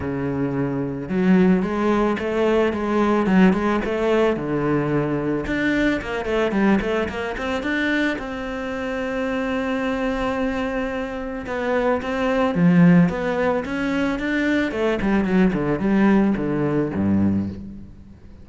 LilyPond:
\new Staff \with { instrumentName = "cello" } { \time 4/4 \tempo 4 = 110 cis2 fis4 gis4 | a4 gis4 fis8 gis8 a4 | d2 d'4 ais8 a8 | g8 a8 ais8 c'8 d'4 c'4~ |
c'1~ | c'4 b4 c'4 f4 | b4 cis'4 d'4 a8 g8 | fis8 d8 g4 d4 g,4 | }